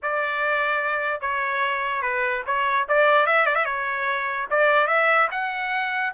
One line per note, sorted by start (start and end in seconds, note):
0.02 1.20 D5
1.20 2.02 C#5
2.02 2.43 B4
2.46 2.87 C#5
2.88 3.26 D5
3.26 3.46 E5
3.46 3.55 D5
3.55 3.65 E5
3.65 4.46 C#5
4.50 4.87 D5
4.87 5.28 E5
5.31 6.12 F#5